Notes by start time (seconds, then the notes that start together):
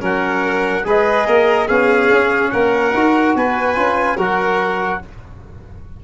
0.00 F#3 C#4 A#4 F#5
0.84 G#3 G#4 B4 D#5
1.27 A#3 A#4
1.68 B3 C#4 G#4 F5
2.11 C#4
2.51 A#3 A#4 F#5
2.93 D#4 F#4
3.35 B3 B4 G#5
3.76 C#4 F4
4.17 F#3 F#4 A#4 F#5